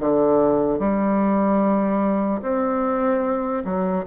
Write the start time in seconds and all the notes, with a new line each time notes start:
0.00 D3
0.79 G3
2.42 C4
3.65 F#3